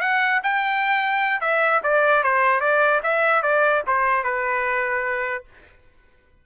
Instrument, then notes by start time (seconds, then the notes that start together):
trumpet
0.00 F#5
0.43 G5
1.40 E5
1.83 D5
2.23 C5
2.60 D5
3.03 E5
3.42 D5
3.86 C5
4.23 B4